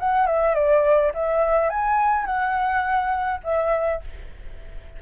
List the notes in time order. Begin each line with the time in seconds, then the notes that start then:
0.00 F#5
0.27 E5
0.55 D5
1.15 E5
1.70 G#5
2.26 F#5
3.44 E5